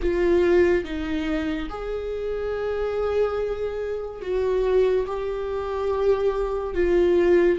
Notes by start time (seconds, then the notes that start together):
0.01 F4
0.84 D#4
1.69 G#4
4.21 F#4
5.06 G4
6.74 F4